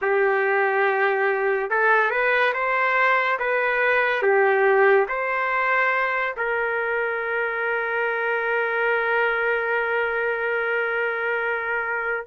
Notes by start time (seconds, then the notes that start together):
0.01 G4
1.70 A4
2.10 B4
2.54 C5
3.39 B4
4.22 G4
5.08 C5
6.36 A#4